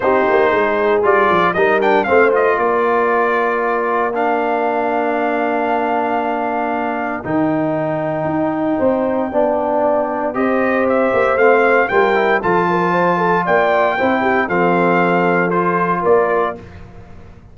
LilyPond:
<<
  \new Staff \with { instrumentName = "trumpet" } { \time 4/4 \tempo 4 = 116 c''2 d''4 dis''8 g''8 | f''8 dis''8 d''2. | f''1~ | f''2 g''2~ |
g''1 | dis''4 e''4 f''4 g''4 | a''2 g''2 | f''2 c''4 d''4 | }
  \new Staff \with { instrumentName = "horn" } { \time 4/4 g'4 gis'2 ais'4 | c''4 ais'2.~ | ais'1~ | ais'1~ |
ais'4 c''4 d''2 | c''2. ais'4 | a'8 ais'8 c''8 a'8 d''4 c''8 g'8 | a'2. ais'4 | }
  \new Staff \with { instrumentName = "trombone" } { \time 4/4 dis'2 f'4 dis'8 d'8 | c'8 f'2.~ f'8 | d'1~ | d'2 dis'2~ |
dis'2 d'2 | g'2 c'4 f'8 e'8 | f'2. e'4 | c'2 f'2 | }
  \new Staff \with { instrumentName = "tuba" } { \time 4/4 c'8 ais8 gis4 g8 f8 g4 | a4 ais2.~ | ais1~ | ais2 dis2 |
dis'4 c'4 b2 | c'4. ais8 a4 g4 | f2 ais4 c'4 | f2. ais4 | }
>>